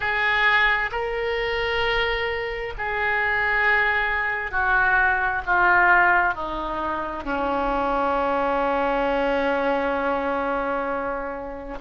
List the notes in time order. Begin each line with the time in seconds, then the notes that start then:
0.00 G#4
0.91 A#4
2.77 G#4
4.51 F#4
5.45 F4
6.34 D#4
7.24 C#4